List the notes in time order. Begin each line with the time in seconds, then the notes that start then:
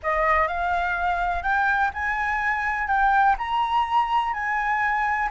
0.02 D#5
0.47 F5
1.42 G5
1.93 G#5
2.87 G5
3.38 A#5
4.33 G#5